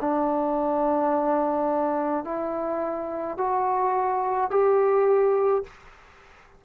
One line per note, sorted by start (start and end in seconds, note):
0.00 2.24 D4
2.24 3.38 E4
3.38 4.50 F#4
4.50 5.63 G4